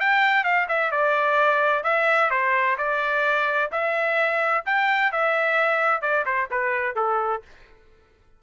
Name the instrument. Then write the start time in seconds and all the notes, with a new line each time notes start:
trumpet
0.00 G5
0.44 F5
0.68 E5
0.91 D5
1.84 E5
2.30 C5
2.78 D5
3.71 E5
4.65 G5
5.12 E5
6.02 D5
6.26 C5
6.51 B4
6.96 A4